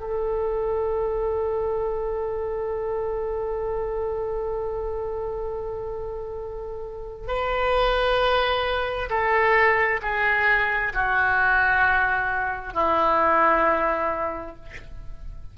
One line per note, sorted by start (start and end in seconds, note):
0.00 7.27 A4
7.27 9.09 B4
9.10 10.00 A4
10.02 10.93 G#4
10.93 12.74 F#4
12.74 14.55 E4